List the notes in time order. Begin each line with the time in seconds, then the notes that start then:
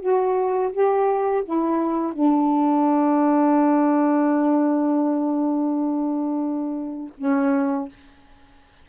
0.00 F#4
0.72 G4
1.44 E4
2.13 D4
7.17 C#4